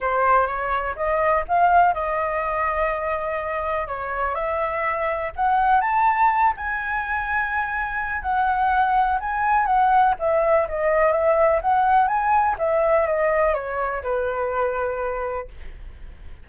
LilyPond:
\new Staff \with { instrumentName = "flute" } { \time 4/4 \tempo 4 = 124 c''4 cis''4 dis''4 f''4 | dis''1 | cis''4 e''2 fis''4 | a''4. gis''2~ gis''8~ |
gis''4 fis''2 gis''4 | fis''4 e''4 dis''4 e''4 | fis''4 gis''4 e''4 dis''4 | cis''4 b'2. | }